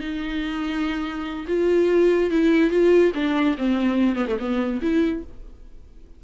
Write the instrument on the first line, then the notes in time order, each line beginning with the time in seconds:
viola
0.00 D#4
1.48 F4
2.30 E4
2.70 F4
3.15 D4
3.58 C4
4.16 B3
4.27 A3
4.39 B3
4.82 E4